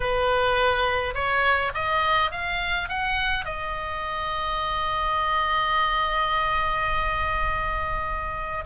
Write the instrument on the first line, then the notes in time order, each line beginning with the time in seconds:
oboe
0.00 B4
1.14 C#5
1.74 D#5
2.31 F5
2.88 F#5
3.45 D#5